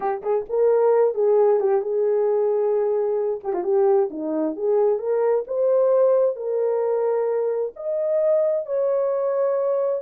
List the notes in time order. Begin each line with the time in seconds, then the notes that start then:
0.00 G4
0.22 G#4
0.49 A#4
1.14 G#4
1.60 G4
1.81 G#4
3.43 G4
3.53 F4
3.63 G4
4.10 D#4
4.56 G#4
4.99 A#4
5.47 C5
6.36 A#4
7.76 D#5
8.65 C#5